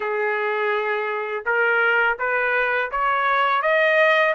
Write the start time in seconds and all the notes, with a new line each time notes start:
0.00 G#4
1.45 A#4
2.18 B4
2.91 C#5
3.62 D#5